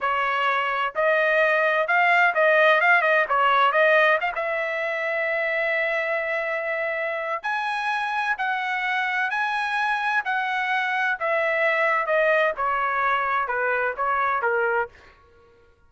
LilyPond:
\new Staff \with { instrumentName = "trumpet" } { \time 4/4 \tempo 4 = 129 cis''2 dis''2 | f''4 dis''4 f''8 dis''8 cis''4 | dis''4 f''16 e''2~ e''8.~ | e''1 |
gis''2 fis''2 | gis''2 fis''2 | e''2 dis''4 cis''4~ | cis''4 b'4 cis''4 ais'4 | }